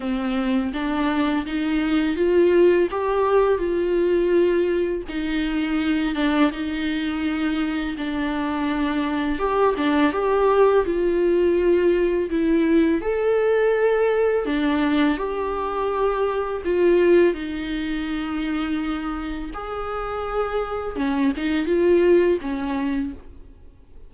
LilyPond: \new Staff \with { instrumentName = "viola" } { \time 4/4 \tempo 4 = 83 c'4 d'4 dis'4 f'4 | g'4 f'2 dis'4~ | dis'8 d'8 dis'2 d'4~ | d'4 g'8 d'8 g'4 f'4~ |
f'4 e'4 a'2 | d'4 g'2 f'4 | dis'2. gis'4~ | gis'4 cis'8 dis'8 f'4 cis'4 | }